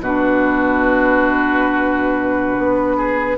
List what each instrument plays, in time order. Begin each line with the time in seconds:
0.00 bassoon B2, clarinet D4, oboe F#4, flute B4
2.58 bassoon B3
2.97 oboe G#4